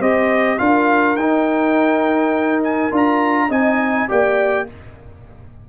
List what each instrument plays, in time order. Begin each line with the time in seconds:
0.00 tuba C4, trombone G4, horn C5, trumpet D#5
0.58 tuba D4, trombone F4, horn A#4, trumpet F5
1.15 tuba D#4, trombone D#4, trumpet G5
2.64 trumpet G#5
2.91 tuba D4, trombone F4, trumpet A#5
3.48 tuba C4, trombone D#4, horn D#5, trumpet G#5
4.08 tuba A#3, trombone G4, horn D5, trumpet G5